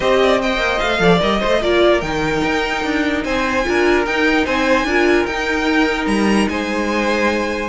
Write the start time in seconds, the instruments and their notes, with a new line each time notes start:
0.00 cello C4, viola G4, violin C5 D#5
0.22 violin D5
0.41 viola C5, violin D#5 G5
0.57 cello A#3
0.79 cello A3, violin F5
0.98 cello F3, viola A4, violin D5
1.19 cello G3, viola A#4, violin D#5
1.40 cello A3, violin C5, viola C5
1.61 cello A#3, viola F4, violin A#4 D5
2.01 cello D#3, viola D#4, violin G5
2.44 cello D#4
2.84 cello D4
3.24 cello C4, violin C5 G#5
3.64 cello D4, viola F4, violin A#4
4.05 cello D#4, viola D#4, violin G5
4.45 cello C4, violin C5 G#5
4.84 cello D4, viola F4, violin A#4
5.25 cello D#4, viola D#4, violin G5
6.06 cello G3, violin A#5
6.48 cello G#3, violin C5 G#5